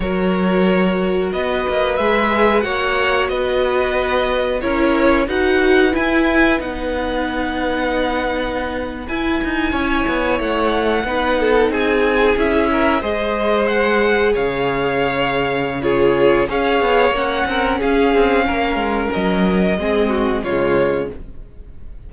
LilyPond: <<
  \new Staff \with { instrumentName = "violin" } { \time 4/4 \tempo 4 = 91 cis''2 dis''4 e''4 | fis''4 dis''2 cis''4 | fis''4 gis''4 fis''2~ | fis''4.~ fis''16 gis''2 fis''16~ |
fis''4.~ fis''16 gis''4 e''4 dis''16~ | dis''8. fis''4 f''2~ f''16 | cis''4 f''4 fis''4 f''4~ | f''4 dis''2 cis''4 | }
  \new Staff \with { instrumentName = "violin" } { \time 4/4 ais'2 b'2 | cis''4 b'2 ais'4 | b'1~ | b'2~ b'8. cis''4~ cis''16~ |
cis''8. b'8 a'8 gis'4. ais'8 c''16~ | c''4.~ c''16 cis''2~ cis''16 | gis'4 cis''4. ais'8 gis'4 | ais'2 gis'8 fis'8 f'4 | }
  \new Staff \with { instrumentName = "viola" } { \time 4/4 fis'2. gis'4 | fis'2. e'4 | fis'4 e'4 dis'2~ | dis'4.~ dis'16 e'2~ e'16~ |
e'8. dis'2 e'4 gis'16~ | gis'1 | f'4 gis'4 cis'2~ | cis'2 c'4 gis4 | }
  \new Staff \with { instrumentName = "cello" } { \time 4/4 fis2 b8 ais8 gis4 | ais4 b2 cis'4 | dis'4 e'4 b2~ | b4.~ b16 e'8 dis'8 cis'8 b8 a16~ |
a8. b4 c'4 cis'4 gis16~ | gis4.~ gis16 cis2~ cis16~ | cis4 cis'8 b8 ais8 c'8 cis'8 c'8 | ais8 gis8 fis4 gis4 cis4 | }
>>